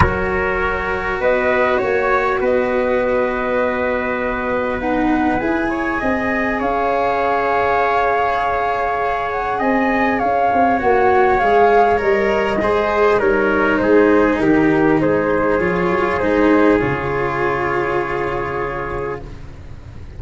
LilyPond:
<<
  \new Staff \with { instrumentName = "flute" } { \time 4/4 \tempo 4 = 100 cis''2 dis''4 cis''4 | dis''1 | fis''4 gis''2 f''4~ | f''2.~ f''8 fis''8 |
gis''4 f''4 fis''4 f''4 | dis''2 cis''4 c''4 | ais'4 c''4 cis''4 c''4 | cis''1 | }
  \new Staff \with { instrumentName = "trumpet" } { \time 4/4 ais'2 b'4 cis''4 | b'1~ | b'4. cis''8 dis''4 cis''4~ | cis''1 |
dis''4 cis''2.~ | cis''4 c''4 ais'4 gis'4 | g'4 gis'2.~ | gis'1 | }
  \new Staff \with { instrumentName = "cello" } { \time 4/4 fis'1~ | fis'1 | dis'4 gis'2.~ | gis'1~ |
gis'2 fis'4 gis'4 | ais'4 gis'4 dis'2~ | dis'2 f'4 dis'4 | f'1 | }
  \new Staff \with { instrumentName = "tuba" } { \time 4/4 fis2 b4 ais4 | b1~ | b4 e'4 c'4 cis'4~ | cis'1 |
c'4 cis'8 c'8 ais4 gis4 | g4 gis4 g4 gis4 | dis4 gis4 f8 fis8 gis4 | cis1 | }
>>